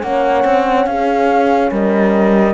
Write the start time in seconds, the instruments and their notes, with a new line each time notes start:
0.00 cello A#3, horn C#4 C#5, flute F#5
0.44 cello C4
0.86 cello C#4, horn G#4, flute F5
1.71 cello G3, horn A#4, flute D#5